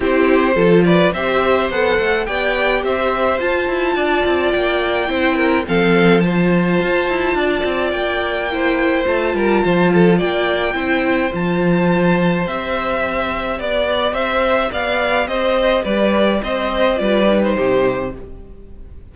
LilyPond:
<<
  \new Staff \with { instrumentName = "violin" } { \time 4/4 \tempo 4 = 106 c''4. d''8 e''4 fis''4 | g''4 e''4 a''2 | g''2 f''4 a''4~ | a''2 g''2 |
a''2 g''2 | a''2 e''2 | d''4 e''4 f''4 dis''4 | d''4 dis''4 d''8. c''4~ c''16 | }
  \new Staff \with { instrumentName = "violin" } { \time 4/4 g'4 a'8 b'8 c''2 | d''4 c''2 d''4~ | d''4 c''8 ais'8 a'4 c''4~ | c''4 d''2 c''4~ |
c''8 ais'8 c''8 a'8 d''4 c''4~ | c''1 | d''4 c''4 d''4 c''4 | b'4 c''4 b'4 g'4 | }
  \new Staff \with { instrumentName = "viola" } { \time 4/4 e'4 f'4 g'4 a'4 | g'2 f'2~ | f'4 e'4 c'4 f'4~ | f'2. e'4 |
f'2. e'4 | f'2 g'2~ | g'1~ | g'2 f'8 dis'4. | }
  \new Staff \with { instrumentName = "cello" } { \time 4/4 c'4 f4 c'4 b8 a8 | b4 c'4 f'8 e'8 d'8 c'8 | ais4 c'4 f2 | f'8 e'8 d'8 c'8 ais2 |
a8 g8 f4 ais4 c'4 | f2 c'2 | b4 c'4 b4 c'4 | g4 c'4 g4 c4 | }
>>